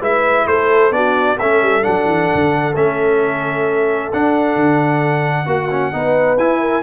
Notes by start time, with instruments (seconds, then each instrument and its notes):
0.00 tuba G#3, trombone E4, horn B4, trumpet E5
0.46 tuba A3, horn A4, trumpet C5
0.91 tuba B3, trombone D4, horn F#4, trumpet D5
1.38 tuba A3, trombone C#4, horn A4, trumpet E5
1.62 tuba G3
1.82 tuba F#3, trombone D4, trumpet F#5
2.05 tuba E3
2.34 tuba D3
2.75 tuba A3, trombone C#4, trumpet E5
4.13 tuba D4, trombone D4, trumpet F#5
4.55 tuba D3
5.46 tuba A#3, trombone F#4, horn F#4
5.70 trombone C#4
5.92 tuba B3, trombone D#4, horn B4
6.37 tuba E4, trombone E4, trumpet G#5
6.60 horn A#4